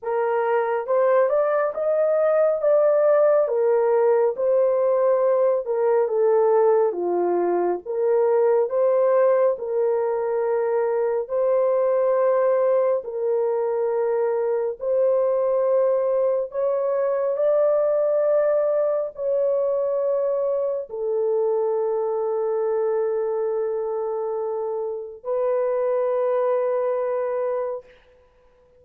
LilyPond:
\new Staff \with { instrumentName = "horn" } { \time 4/4 \tempo 4 = 69 ais'4 c''8 d''8 dis''4 d''4 | ais'4 c''4. ais'8 a'4 | f'4 ais'4 c''4 ais'4~ | ais'4 c''2 ais'4~ |
ais'4 c''2 cis''4 | d''2 cis''2 | a'1~ | a'4 b'2. | }